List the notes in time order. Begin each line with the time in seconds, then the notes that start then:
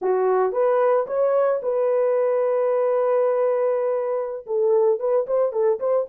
0.01 F#4
0.52 B4
1.06 C#5
1.62 B4
4.46 A4
4.99 B4
5.27 C5
5.52 A4
5.79 C5